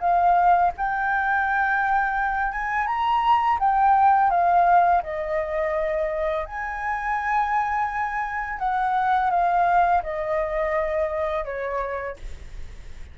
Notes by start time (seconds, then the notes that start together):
0.00 F5
0.77 G5
2.52 G#5
2.87 A#5
3.59 G5
4.31 F5
5.03 D#5
6.46 G#5
8.59 F#5
9.31 F5
10.03 D#5
11.45 C#5